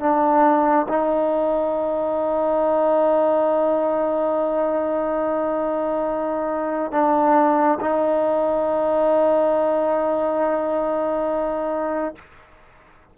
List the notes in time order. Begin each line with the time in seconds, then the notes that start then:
0.00 D4
0.89 D#4
6.92 D4
7.81 D#4